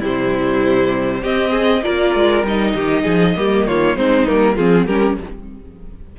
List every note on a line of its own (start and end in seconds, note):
0.00 1.23 C3
0.00 1.23 G3
0.00 1.21 E4
0.00 1.23 C5
1.22 1.83 C4
1.22 1.50 G4
1.22 1.84 D#5
1.50 1.81 G#4
1.83 2.15 A#3
1.83 2.43 F4
1.83 2.74 A#4
1.83 2.44 D5
2.15 2.43 G#3
2.43 2.74 G3
2.43 3.36 D#4
2.43 3.67 D#5
2.74 3.05 D#3
2.74 3.03 G4
3.03 3.36 F3
3.03 3.34 G#4
3.36 3.67 G3
3.36 3.96 A#3
3.36 3.67 G4
3.67 3.96 D#3
3.67 3.97 F4
3.67 3.96 C#5
3.96 4.27 G#3
3.96 4.26 C4
3.96 4.55 D#4
3.96 4.27 C5
4.26 4.57 G3
4.26 4.56 A#3
4.26 4.57 A#4
4.55 4.87 F3
4.55 4.89 C4
4.55 4.85 F4
4.55 4.87 G#4
4.86 5.17 G3
4.86 5.19 C#4
4.86 5.16 G4
4.86 5.17 A#4